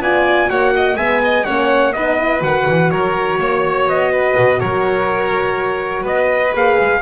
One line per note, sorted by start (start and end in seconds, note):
0.00 0.48 B3
0.00 0.48 F4
0.00 0.50 D5
0.00 0.50 G#5
0.48 0.96 A#3
0.48 0.97 F#4
0.48 0.74 C#5
0.48 0.97 F#5
0.76 0.97 D#5
0.96 1.44 G#3
0.96 1.46 B3
0.96 1.21 E5
0.96 1.45 G#5
1.24 1.46 D#5
1.45 1.95 A#3
1.45 1.94 C#4
1.45 1.94 C#5
1.45 1.93 F#5
1.93 2.41 B3
1.93 2.19 D#4
1.93 2.91 B4
1.93 2.42 D#5
2.19 2.40 E4
2.40 2.66 D#3
2.40 6.51 F#4
2.40 2.91 F#5
2.68 2.92 E3
2.91 3.39 F#3
2.91 3.40 A#4
2.91 3.88 C#5
3.39 3.87 A#3
3.39 4.12 C#5
3.87 4.35 B3
3.87 4.60 D#5
4.12 4.59 B4
4.37 4.61 B2
4.59 6.04 F#3
4.59 6.03 A#4
4.59 6.05 C#5
6.03 6.53 B3
6.03 6.99 B4
6.03 6.55 D#5
6.54 6.78 A#3
6.54 7.02 G#4
6.54 7.02 F5
6.80 7.02 G#3